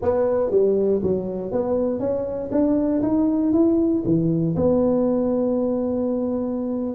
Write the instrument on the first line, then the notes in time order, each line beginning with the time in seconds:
tuba
0.01 B3
0.50 G3
1.02 F#3
1.51 B3
1.99 C#4
2.51 D4
3.02 D#4
3.52 E4
4.05 E3
4.55 B3